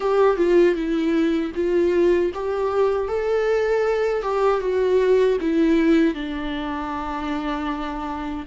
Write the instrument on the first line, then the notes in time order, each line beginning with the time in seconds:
viola
0.00 G4
0.36 F4
0.75 E4
1.55 F4
2.34 G4
3.08 A4
4.22 G4
4.60 F#4
5.41 E4
6.14 D4